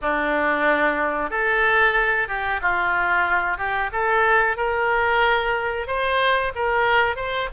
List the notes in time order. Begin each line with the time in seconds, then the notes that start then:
0.01 D4
1.30 A4
2.28 G4
2.61 F4
3.57 G4
3.92 A4
4.56 A#4
5.87 C5
6.55 A#4
7.16 C5